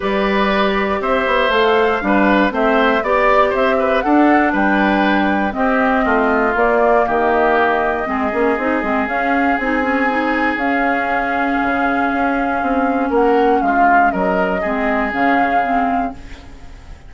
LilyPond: <<
  \new Staff \with { instrumentName = "flute" } { \time 4/4 \tempo 4 = 119 d''2 e''4 f''4~ | f''4 e''4 d''4 e''4 | fis''4 g''2 dis''4~ | dis''4 d''4 dis''2~ |
dis''2 f''4 gis''4~ | gis''4 f''2.~ | f''2 fis''4 f''4 | dis''2 f''2 | }
  \new Staff \with { instrumentName = "oboe" } { \time 4/4 b'2 c''2 | b'4 c''4 d''4 c''8 b'8 | a'4 b'2 g'4 | f'2 g'2 |
gis'1~ | gis'1~ | gis'2 ais'4 f'4 | ais'4 gis'2. | }
  \new Staff \with { instrumentName = "clarinet" } { \time 4/4 g'2. a'4 | d'4 c'4 g'2 | d'2. c'4~ | c'4 ais2. |
c'8 cis'8 dis'8 c'8 cis'4 dis'8 cis'8 | dis'4 cis'2.~ | cis'1~ | cis'4 c'4 cis'4 c'4 | }
  \new Staff \with { instrumentName = "bassoon" } { \time 4/4 g2 c'8 b8 a4 | g4 a4 b4 c'4 | d'4 g2 c'4 | a4 ais4 dis2 |
gis8 ais8 c'8 gis8 cis'4 c'4~ | c'4 cis'2 cis4 | cis'4 c'4 ais4 gis4 | fis4 gis4 cis2 | }
>>